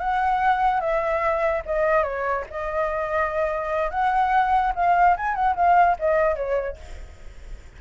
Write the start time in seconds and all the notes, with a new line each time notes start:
0.00 F#5
0.80 E5
1.66 D#5
2.03 C#5
2.51 D#5
3.91 F#5
4.75 F5
5.17 G#5
5.35 F#5
5.56 F5
5.99 D#5
6.36 C#5